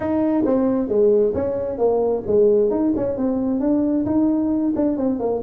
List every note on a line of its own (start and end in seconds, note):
0.00 0.44 D#4
0.45 0.88 C4
0.88 1.33 G#3
1.34 1.77 C#4
1.77 2.22 A#3
2.27 2.70 G#3
2.70 2.92 D#4
2.96 3.17 C#4
3.17 3.60 C4
3.60 4.05 D4
4.05 4.73 D#4
4.75 4.97 D4
4.97 5.19 C4
5.19 5.42 A#3